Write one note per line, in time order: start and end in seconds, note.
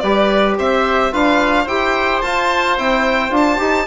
0.00 0.58 G3
0.00 1.12 G4
0.00 0.58 B4
0.00 0.55 D5
0.58 1.13 C4
0.58 1.13 C5
0.58 1.14 E5
1.12 1.67 D4
1.12 1.67 F4
1.12 1.64 B4
1.12 1.68 F5
1.64 2.22 E4
1.64 2.23 G4
1.64 3.84 C5
1.64 2.22 G5
2.22 2.78 F4
2.22 2.77 A5
2.78 3.31 C4
2.78 3.30 E4
2.78 3.34 G5
3.30 3.58 D4
3.30 3.58 F4
3.37 3.88 A5
3.58 3.88 D#4
3.58 3.85 G4